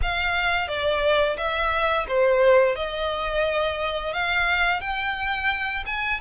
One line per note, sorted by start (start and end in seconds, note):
0.02 0.67 F5
0.67 1.36 D5
1.37 2.06 E5
2.08 2.75 C5
2.75 4.13 D#5
4.13 4.80 F5
4.80 5.84 G5
5.86 6.20 G#5